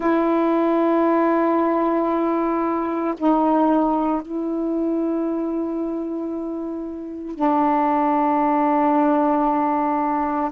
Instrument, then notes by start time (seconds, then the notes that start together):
saxophone
0.00 E4
3.17 D#4
4.22 E4
7.35 D4